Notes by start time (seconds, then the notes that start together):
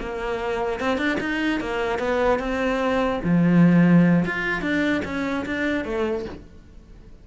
0.00 A#3
0.80 C4
0.98 D4
1.20 D#4
1.61 A#3
1.99 B3
2.40 C4
3.24 F3
4.25 F4
4.62 D4
5.05 C#4
5.46 D4
5.85 A3